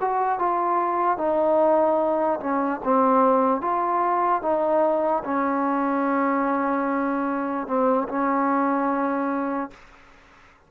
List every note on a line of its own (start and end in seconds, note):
0.00 0.39 F#4
0.39 1.18 F4
1.18 2.39 D#4
2.40 2.80 C#4
2.84 3.61 C4
3.61 4.42 F4
4.42 5.23 D#4
5.24 7.67 C#4
7.67 8.07 C4
8.08 9.70 C#4